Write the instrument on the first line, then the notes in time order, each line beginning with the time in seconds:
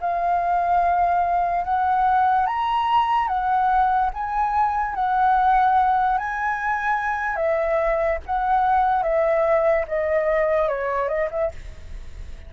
flute
0.00 F5
1.64 F#5
2.46 A#5
3.28 F#5
4.14 G#5
4.95 F#5
6.18 G#5
7.36 E5
8.26 F#5
9.03 E5
9.87 D#5
10.68 C#5
11.08 D#5
11.31 E5